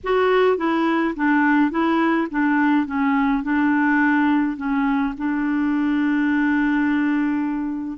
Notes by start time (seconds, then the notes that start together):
0.03 F#4
0.57 E4
1.16 D4
1.70 E4
2.30 D4
2.86 C#4
3.43 D4
4.57 C#4
5.17 D4